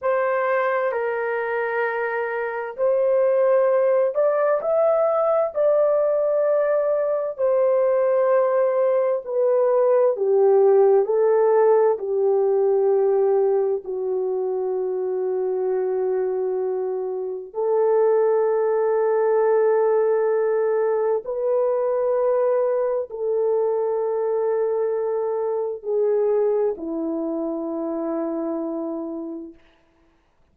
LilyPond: \new Staff \with { instrumentName = "horn" } { \time 4/4 \tempo 4 = 65 c''4 ais'2 c''4~ | c''8 d''8 e''4 d''2 | c''2 b'4 g'4 | a'4 g'2 fis'4~ |
fis'2. a'4~ | a'2. b'4~ | b'4 a'2. | gis'4 e'2. | }